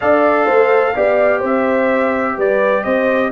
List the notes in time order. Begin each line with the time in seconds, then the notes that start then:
0.00 D4 A4 D5 F5
0.45 A3 C5
0.95 B3 G4 D5
1.39 C4 C5 E5
2.37 G3 B4 D5
2.83 C4 C5 D#5